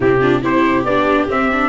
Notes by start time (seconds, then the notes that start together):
0.00 C3 C4 E4 G4
0.21 D4 F4
0.42 C4 E4 G4 C5
0.84 B3 D4 D5
1.28 C4 E5
1.52 D4